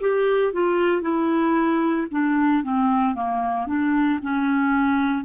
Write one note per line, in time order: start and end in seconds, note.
0.00 0.53 G4
0.53 1.01 F4
1.01 2.07 E4
2.11 2.63 D4
2.63 3.15 C4
3.15 3.67 A#3
3.67 4.20 D4
4.22 5.24 C#4